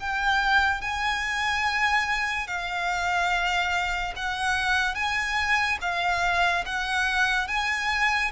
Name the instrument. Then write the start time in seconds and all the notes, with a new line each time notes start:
violin
0.00 G5
0.81 G#5
2.47 F5
4.16 F#5
4.95 G#5
5.81 F5
6.66 F#5
7.48 G#5